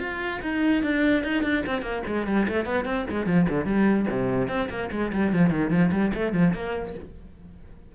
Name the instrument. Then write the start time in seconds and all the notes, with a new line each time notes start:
cello
0.00 F4
0.42 D#4
0.83 D4
1.24 D#4
1.43 D4
1.66 C4
1.82 A#3
2.07 G#3
2.27 G3
2.49 A3
2.65 B3
2.86 C4
3.10 G#3
3.27 F3
3.50 D3
3.65 G3
4.11 C3
4.49 C4
4.70 A#3
4.92 G#3
5.13 G3
5.33 F3
5.50 D#3
5.71 F3
5.92 G3
6.14 A3
6.33 F3
6.54 A#3